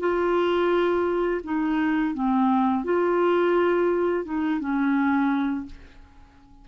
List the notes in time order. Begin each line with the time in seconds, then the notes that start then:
0.00 F4
1.44 D#4
2.14 C4
2.84 F4
4.24 D#4
4.60 C#4